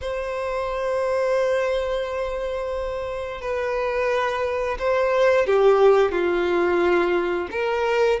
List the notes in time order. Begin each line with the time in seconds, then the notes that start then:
0.01 C5
3.41 B4
4.78 C5
5.46 G4
6.11 F4
7.51 A#4